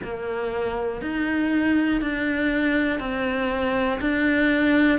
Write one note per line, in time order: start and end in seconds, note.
0.03 1.01 A#3
1.01 2.00 D#4
2.00 2.99 D4
2.99 3.99 C4
4.00 4.98 D4